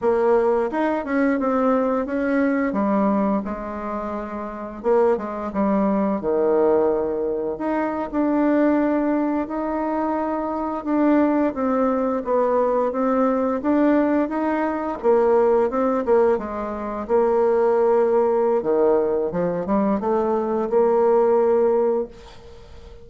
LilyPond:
\new Staff \with { instrumentName = "bassoon" } { \time 4/4 \tempo 4 = 87 ais4 dis'8 cis'8 c'4 cis'4 | g4 gis2 ais8 gis8 | g4 dis2 dis'8. d'16~ | d'4.~ d'16 dis'2 d'16~ |
d'8. c'4 b4 c'4 d'16~ | d'8. dis'4 ais4 c'8 ais8 gis16~ | gis8. ais2~ ais16 dis4 | f8 g8 a4 ais2 | }